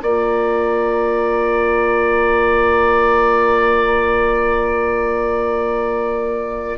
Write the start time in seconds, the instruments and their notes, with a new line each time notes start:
0.00 bassoon A#3, clarinet F4, oboe D5, flute A#5